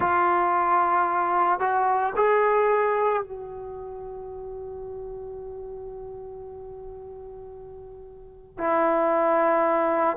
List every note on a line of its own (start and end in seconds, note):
0.00 1.59 F4
1.59 2.13 F#4
2.15 3.22 G#4
3.22 8.58 F#4
8.58 10.16 E4